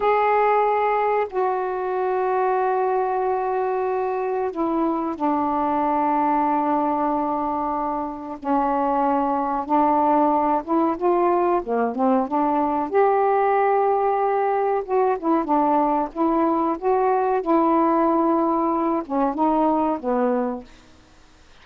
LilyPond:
\new Staff \with { instrumentName = "saxophone" } { \time 4/4 \tempo 4 = 93 gis'2 fis'2~ | fis'2. e'4 | d'1~ | d'4 cis'2 d'4~ |
d'8 e'8 f'4 ais8 c'8 d'4 | g'2. fis'8 e'8 | d'4 e'4 fis'4 e'4~ | e'4. cis'8 dis'4 b4 | }